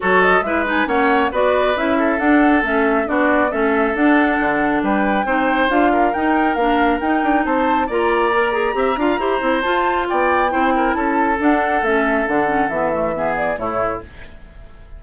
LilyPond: <<
  \new Staff \with { instrumentName = "flute" } { \time 4/4 \tempo 4 = 137 cis''8 dis''8 e''8 gis''8 fis''4 d''4 | e''4 fis''4 e''4 d''4 | e''4 fis''2 g''4~ | g''4 f''4 g''4 f''4 |
g''4 a''4 ais''2~ | ais''2 a''4 g''4~ | g''4 a''4 fis''4 e''4 | fis''4 e''4. d''8 cis''4 | }
  \new Staff \with { instrumentName = "oboe" } { \time 4/4 a'4 b'4 cis''4 b'4~ | b'8 a'2~ a'8 fis'4 | a'2. b'4 | c''4. ais'2~ ais'8~ |
ais'4 c''4 d''2 | e''8 f''8 c''2 d''4 | c''8 ais'8 a'2.~ | a'2 gis'4 e'4 | }
  \new Staff \with { instrumentName = "clarinet" } { \time 4/4 fis'4 e'8 dis'8 cis'4 fis'4 | e'4 d'4 cis'4 d'4 | cis'4 d'2. | dis'4 f'4 dis'4 d'4 |
dis'2 f'4 ais'8 gis'8 | g'8 f'8 g'8 e'8 f'2 | e'2 d'4 cis'4 | d'8 cis'8 b8 a8 b4 a4 | }
  \new Staff \with { instrumentName = "bassoon" } { \time 4/4 fis4 gis4 ais4 b4 | cis'4 d'4 a4 b4 | a4 d'4 d4 g4 | c'4 d'4 dis'4 ais4 |
dis'8 d'8 c'4 ais2 | c'8 d'8 e'8 c'8 f'4 b4 | c'4 cis'4 d'4 a4 | d4 e2 a,4 | }
>>